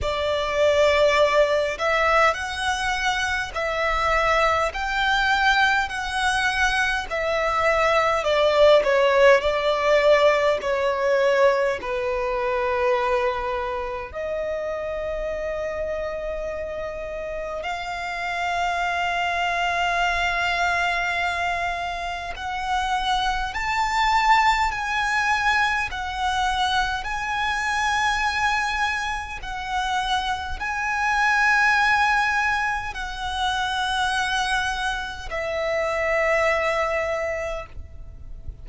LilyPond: \new Staff \with { instrumentName = "violin" } { \time 4/4 \tempo 4 = 51 d''4. e''8 fis''4 e''4 | g''4 fis''4 e''4 d''8 cis''8 | d''4 cis''4 b'2 | dis''2. f''4~ |
f''2. fis''4 | a''4 gis''4 fis''4 gis''4~ | gis''4 fis''4 gis''2 | fis''2 e''2 | }